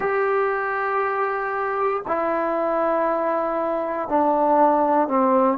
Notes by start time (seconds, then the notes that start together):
0.00 G4
2.07 E4
4.09 D4
5.08 C4